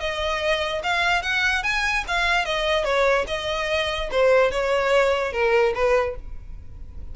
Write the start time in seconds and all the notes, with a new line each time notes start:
0.00 D#5
0.83 F5
1.22 F#5
1.63 G#5
2.08 F5
2.45 D#5
2.84 C#5
3.27 D#5
4.11 C5
4.51 C#5
5.32 A#4
5.74 B4